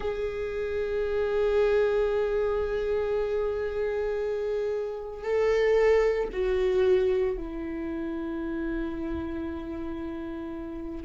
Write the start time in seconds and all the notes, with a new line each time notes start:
0.00 G#4
5.23 A4
6.32 F#4
7.37 E4